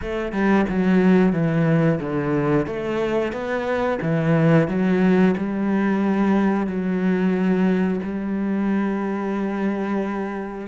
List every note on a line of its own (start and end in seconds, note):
0.02 0.32 A3
0.32 0.65 G3
0.68 1.32 F#3
1.32 1.99 E3
2.00 2.66 D3
2.66 3.32 A3
3.32 3.98 B3
4.01 4.68 E3
4.68 5.35 F#3
5.37 6.66 G3
6.66 8.00 F#3
8.03 10.67 G3